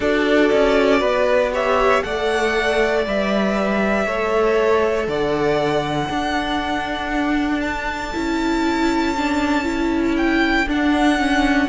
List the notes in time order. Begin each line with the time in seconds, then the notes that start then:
0.00 D4 F#4 A4 D5
0.52 C#4
0.99 B3 B4
1.53 G4 C#5 E5
2.02 A3 A4 D5 F#5
3.06 G3 B4 E5
4.06 A3 A4 C#5
5.07 D3 D5 F#5
6.09 D4 A4
7.61 A5
8.13 C#4 E4
9.17 D4
9.63 E4
10.17 G5
10.66 D4 F#5
11.18 C#4